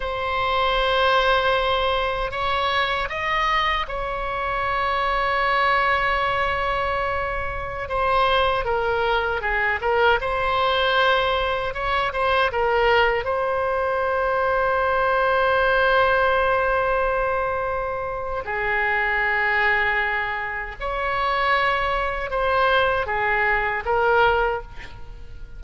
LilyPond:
\new Staff \with { instrumentName = "oboe" } { \time 4/4 \tempo 4 = 78 c''2. cis''4 | dis''4 cis''2.~ | cis''2~ cis''16 c''4 ais'8.~ | ais'16 gis'8 ais'8 c''2 cis''8 c''16~ |
c''16 ais'4 c''2~ c''8.~ | c''1 | gis'2. cis''4~ | cis''4 c''4 gis'4 ais'4 | }